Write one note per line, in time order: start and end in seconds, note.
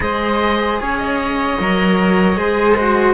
0.00 0.80 G#3
0.00 1.58 G#4
0.00 0.80 C5
0.00 0.79 D#5
0.79 1.59 C#4
0.79 0.98 G#4
0.79 2.38 C#5
0.98 3.13 D#5
1.59 2.37 F#3
1.59 2.37 A#4
2.37 3.13 G#3
2.37 2.76 G#4
2.37 3.13 C5
2.77 3.13 F#4